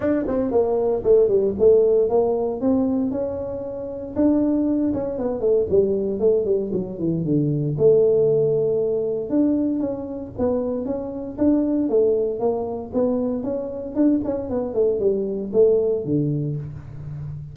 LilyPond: \new Staff \with { instrumentName = "tuba" } { \time 4/4 \tempo 4 = 116 d'8 c'8 ais4 a8 g8 a4 | ais4 c'4 cis'2 | d'4. cis'8 b8 a8 g4 | a8 g8 fis8 e8 d4 a4~ |
a2 d'4 cis'4 | b4 cis'4 d'4 a4 | ais4 b4 cis'4 d'8 cis'8 | b8 a8 g4 a4 d4 | }